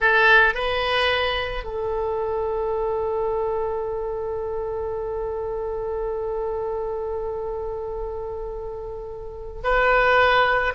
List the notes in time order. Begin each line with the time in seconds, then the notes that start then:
0.00 A4
0.54 B4
1.64 A4
9.63 B4